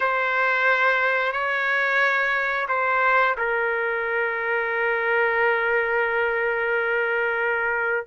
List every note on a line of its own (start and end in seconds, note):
0.00 1.32 C5
1.32 2.67 C#5
2.68 3.36 C5
3.37 8.06 A#4